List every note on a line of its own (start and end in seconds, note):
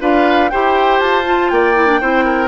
0.00 0.51 D4
0.00 0.50 F4
0.00 0.51 B4
0.00 0.50 F5
0.50 1.00 E4
0.50 1.25 G4
0.50 1.52 C5
0.50 1.00 G5
1.00 1.50 F4
1.00 1.49 A5
1.25 1.74 F4
1.49 2.01 A#3
1.49 2.01 D5
1.49 2.48 G5
1.74 1.87 E4
1.87 2.00 D4
2.01 2.48 C4
2.01 2.48 E4
2.01 2.25 C5
2.25 2.48 A#4